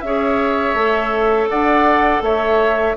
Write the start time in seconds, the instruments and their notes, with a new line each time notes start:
0.00 bassoon C#4, clarinet G#4, oboe C#5, flute E5
0.73 bassoon A3, clarinet A4
1.49 bassoon D4, oboe D5, flute F#5
2.21 bassoon A3, oboe C#5, flute E5